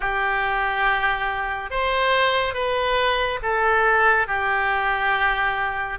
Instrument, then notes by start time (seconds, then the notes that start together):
oboe
0.00 G4
1.70 C5
2.54 B4
3.42 A4
4.27 G4